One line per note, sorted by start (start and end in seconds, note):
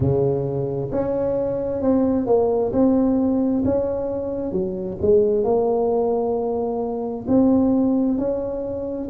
0.00 0.90 C#3
0.91 1.81 C#4
1.81 2.26 C4
2.26 2.71 A#3
2.72 3.63 C4
3.64 4.52 C#4
4.52 4.97 F#3
5.01 5.44 G#3
5.44 7.26 A#3
7.27 8.17 C4
8.17 9.08 C#4